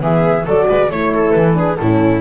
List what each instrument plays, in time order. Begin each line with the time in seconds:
0.00 double bass E3, horn B3, viola G#4, flute E5
0.45 double bass F#3, horn F#4, viola A4, flute D5
0.69 double bass G#3, viola B4
0.89 double bass A3, horn E4, flute C#5, viola C#5
1.14 viola A4
1.31 double bass E3, flute B4
1.54 horn D4, viola G#4
1.76 double bass A2, viola E4, flute A4
1.82 horn C#4